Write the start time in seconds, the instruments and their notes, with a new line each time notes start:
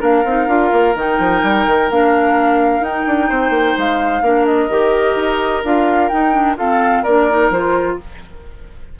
0.00 bassoon A#3, clarinet D4, oboe A#4, flute F5
0.25 bassoon C4, clarinet D#4
0.47 bassoon D4, clarinet F4
0.73 bassoon A#3
0.95 bassoon D#3, clarinet D#4, flute G5
1.19 bassoon F3
1.43 bassoon G3
1.67 bassoon D#3
1.90 bassoon A#3, clarinet D4, flute F5
2.80 bassoon D#4, clarinet D#4, flute G5
3.07 bassoon D4
3.29 bassoon C4, oboe C5
3.50 bassoon A#3
3.78 bassoon G#3, flute F5
4.22 bassoon A#3, clarinet D4, oboe A#4
4.46 flute D#5
4.69 bassoon D#3, clarinet G4
5.15 bassoon D#4
5.64 bassoon D4, clarinet F4, flute F5
6.09 clarinet D#4, bassoon D#4, flute G5
6.33 clarinet D4
6.56 clarinet C4, bassoon F4, oboe A4, flute F5
7.03 bassoon A#3, clarinet D4, oboe A#4, flute D5
7.30 clarinet D#4
7.50 bassoon F3, clarinet F4, flute C5